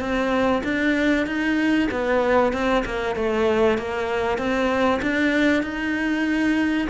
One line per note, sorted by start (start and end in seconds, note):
0.00 0.62 C4
0.64 1.26 D4
1.26 1.89 D#4
1.91 2.53 B3
2.53 2.84 C4
2.86 3.16 A#3
3.16 3.78 A3
3.78 4.38 A#3
4.38 5.01 C4
5.02 5.63 D4
5.63 6.88 D#4